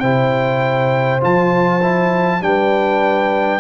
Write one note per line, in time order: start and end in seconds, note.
0.00 1.23 C3
0.00 1.21 E4
0.00 2.40 C5
0.00 1.20 G5
1.21 2.41 F3
1.21 1.81 F4
1.21 2.43 A5
1.82 2.42 E4
2.41 3.60 G3
2.41 3.60 D4
2.41 3.60 B4
2.41 3.60 G5